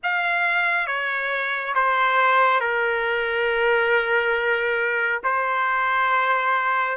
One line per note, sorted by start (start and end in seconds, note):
0.03 0.87 F5
0.87 1.74 C#5
1.74 2.60 C5
2.60 5.21 A#4
5.23 6.97 C5